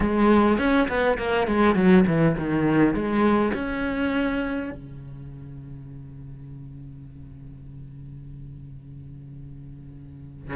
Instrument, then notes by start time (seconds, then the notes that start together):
cello
0.00 G#3
0.58 C#4
0.88 B3
1.18 A#3
1.47 G#3
1.75 F#3
2.06 E3
2.37 D#3
2.94 G#3
3.53 C#4
4.71 C#3